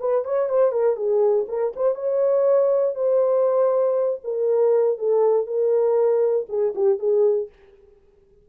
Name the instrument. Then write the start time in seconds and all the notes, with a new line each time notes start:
horn
0.00 B4
0.25 C#5
0.49 C5
0.72 A#4
0.96 G#4
1.48 A#4
1.76 C5
1.95 C#5
2.95 C5
4.24 A#4
4.98 A4
5.47 A#4
6.49 G#4
6.75 G4
6.99 G#4